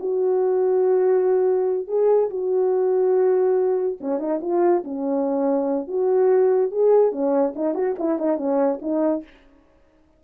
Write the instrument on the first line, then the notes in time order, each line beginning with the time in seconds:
horn
0.00 F#4
1.88 G#4
2.31 F#4
4.01 C#4
4.20 D#4
4.42 F4
4.84 C#4
5.88 F#4
6.72 G#4
7.13 C#4
7.56 D#4
7.75 F#4
7.99 E4
8.19 D#4
8.37 C#4
8.82 D#4